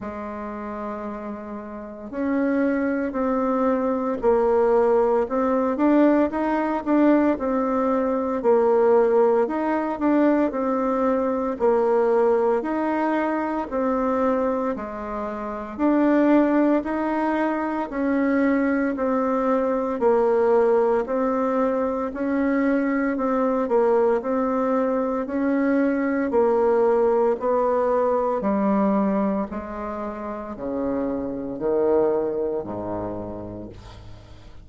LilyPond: \new Staff \with { instrumentName = "bassoon" } { \time 4/4 \tempo 4 = 57 gis2 cis'4 c'4 | ais4 c'8 d'8 dis'8 d'8 c'4 | ais4 dis'8 d'8 c'4 ais4 | dis'4 c'4 gis4 d'4 |
dis'4 cis'4 c'4 ais4 | c'4 cis'4 c'8 ais8 c'4 | cis'4 ais4 b4 g4 | gis4 cis4 dis4 gis,4 | }